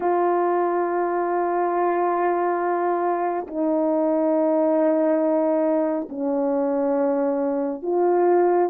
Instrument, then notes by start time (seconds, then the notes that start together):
horn
0.00 F4
3.47 D#4
6.09 C#4
7.82 F4